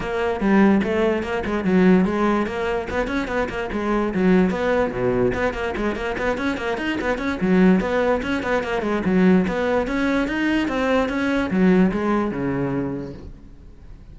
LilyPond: \new Staff \with { instrumentName = "cello" } { \time 4/4 \tempo 4 = 146 ais4 g4 a4 ais8 gis8 | fis4 gis4 ais4 b8 cis'8 | b8 ais8 gis4 fis4 b4 | b,4 b8 ais8 gis8 ais8 b8 cis'8 |
ais8 dis'8 b8 cis'8 fis4 b4 | cis'8 b8 ais8 gis8 fis4 b4 | cis'4 dis'4 c'4 cis'4 | fis4 gis4 cis2 | }